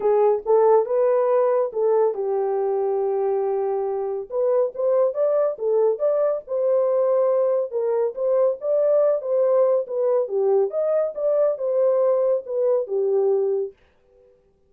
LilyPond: \new Staff \with { instrumentName = "horn" } { \time 4/4 \tempo 4 = 140 gis'4 a'4 b'2 | a'4 g'2.~ | g'2 b'4 c''4 | d''4 a'4 d''4 c''4~ |
c''2 ais'4 c''4 | d''4. c''4. b'4 | g'4 dis''4 d''4 c''4~ | c''4 b'4 g'2 | }